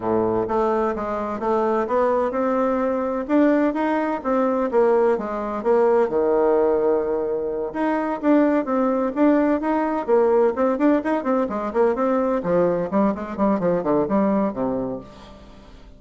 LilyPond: \new Staff \with { instrumentName = "bassoon" } { \time 4/4 \tempo 4 = 128 a,4 a4 gis4 a4 | b4 c'2 d'4 | dis'4 c'4 ais4 gis4 | ais4 dis2.~ |
dis8 dis'4 d'4 c'4 d'8~ | d'8 dis'4 ais4 c'8 d'8 dis'8 | c'8 gis8 ais8 c'4 f4 g8 | gis8 g8 f8 d8 g4 c4 | }